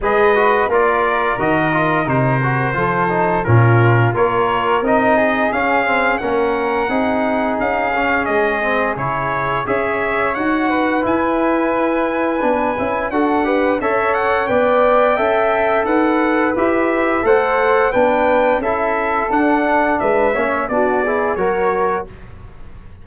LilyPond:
<<
  \new Staff \with { instrumentName = "trumpet" } { \time 4/4 \tempo 4 = 87 dis''4 d''4 dis''4 c''4~ | c''4 ais'4 cis''4 dis''4 | f''4 fis''2 f''4 | dis''4 cis''4 e''4 fis''4 |
gis''2. fis''4 | e''8 fis''8 g''2 fis''4 | e''4 fis''4 g''4 e''4 | fis''4 e''4 d''4 cis''4 | }
  \new Staff \with { instrumentName = "flute" } { \time 4/4 b'4 ais'2. | a'4 f'4 ais'4. gis'8~ | gis'4 ais'4 gis'2~ | gis'2 cis''4. b'8~ |
b'2. a'8 b'8 | cis''4 d''4 e''4 b'4~ | b'4 c''4 b'4 a'4~ | a'4 b'8 cis''8 fis'8 gis'8 ais'4 | }
  \new Staff \with { instrumentName = "trombone" } { \time 4/4 gis'8 fis'8 f'4 fis'8 f'8 dis'8 fis'8 | f'8 dis'8 cis'4 f'4 dis'4 | cis'8 c'8 cis'4 dis'4. cis'8~ | cis'8 c'8 e'4 gis'4 fis'4 |
e'2 d'8 e'8 fis'8 g'8 | a'4 b'4 a'2 | g'4 a'4 d'4 e'4 | d'4. cis'8 d'8 e'8 fis'4 | }
  \new Staff \with { instrumentName = "tuba" } { \time 4/4 gis4 ais4 dis4 c4 | f4 ais,4 ais4 c'4 | cis'4 ais4 c'4 cis'4 | gis4 cis4 cis'4 dis'4 |
e'2 b8 cis'8 d'4 | cis'4 b4 cis'4 dis'4 | e'4 a4 b4 cis'4 | d'4 gis8 ais8 b4 fis4 | }
>>